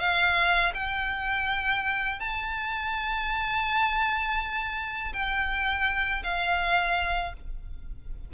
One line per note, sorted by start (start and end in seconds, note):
0.00 0.73 F5
0.75 2.20 G5
2.20 5.13 A5
5.14 6.24 G5
6.24 7.34 F5